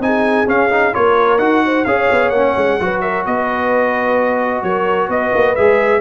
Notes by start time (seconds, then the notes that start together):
0.00 C4 D#4 G#4 G#5
0.47 C#4 F5
0.70 D#4
0.93 A#3 F4 A#4 C#5
1.39 D#4 F#4 F#5
1.65 C5
1.85 C#4 G#4 C#5 F5
2.12 B3
2.29 A#3 C#4 F#5
2.57 G#3
2.80 F#3 F#4 B4
3.01 A#4 E5
3.26 B3 B4 D#5
4.63 F#3 A#4 C#5
5.08 B3 B4 D#5
5.34 A#3
5.55 G#3 G#4 E5